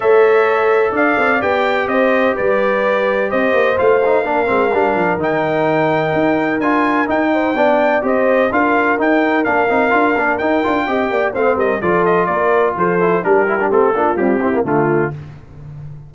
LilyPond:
<<
  \new Staff \with { instrumentName = "trumpet" } { \time 4/4 \tempo 4 = 127 e''2 f''4 g''4 | dis''4 d''2 dis''4 | f''2. g''4~ | g''2 gis''4 g''4~ |
g''4 dis''4 f''4 g''4 | f''2 g''2 | f''8 dis''8 d''8 dis''8 d''4 c''4 | ais'4 a'4 g'4 f'4 | }
  \new Staff \with { instrumentName = "horn" } { \time 4/4 cis''2 d''2 | c''4 b'2 c''4~ | c''4 ais'2.~ | ais'2.~ ais'8 c''8 |
d''4 c''4 ais'2~ | ais'2. dis''8 d''8 | c''8 ais'8 a'4 ais'4 a'4 | g'4. f'4 e'8 f'4 | }
  \new Staff \with { instrumentName = "trombone" } { \time 4/4 a'2. g'4~ | g'1 | f'8 dis'8 d'8 c'8 d'4 dis'4~ | dis'2 f'4 dis'4 |
d'4 g'4 f'4 dis'4 | d'8 dis'8 f'8 d'8 dis'8 f'8 g'4 | c'4 f'2~ f'8 e'8 | d'8 e'16 d'16 c'8 d'8 g8 c'16 ais16 a4 | }
  \new Staff \with { instrumentName = "tuba" } { \time 4/4 a2 d'8 c'8 b4 | c'4 g2 c'8 ais8 | a4 ais8 gis8 g8 f8 dis4~ | dis4 dis'4 d'4 dis'4 |
b4 c'4 d'4 dis'4 | ais8 c'8 d'8 ais8 dis'8 d'8 c'8 ais8 | a8 g8 f4 ais4 f4 | g4 a8 ais8 c'4 d4 | }
>>